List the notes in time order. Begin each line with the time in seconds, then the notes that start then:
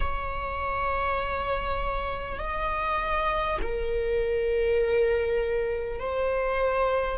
0.00 C#5
2.38 D#5
3.62 A#4
5.99 C5